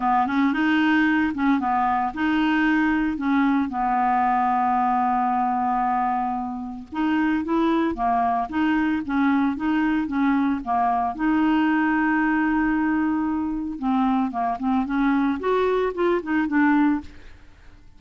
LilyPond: \new Staff \with { instrumentName = "clarinet" } { \time 4/4 \tempo 4 = 113 b8 cis'8 dis'4. cis'8 b4 | dis'2 cis'4 b4~ | b1~ | b4 dis'4 e'4 ais4 |
dis'4 cis'4 dis'4 cis'4 | ais4 dis'2.~ | dis'2 c'4 ais8 c'8 | cis'4 fis'4 f'8 dis'8 d'4 | }